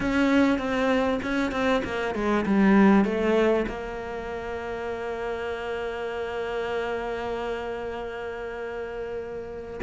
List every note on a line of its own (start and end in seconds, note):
0.00 0.58 C#4
0.58 1.19 C4
1.22 1.51 C#4
1.51 1.82 C4
1.84 2.14 A#3
2.14 2.45 G#3
2.45 3.04 G3
3.04 3.66 A3
3.67 9.80 A#3